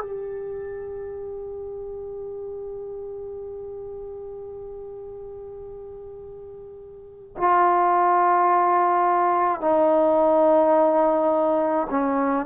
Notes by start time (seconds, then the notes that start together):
0.00 G4
7.37 F4
9.61 D#4
11.90 C#4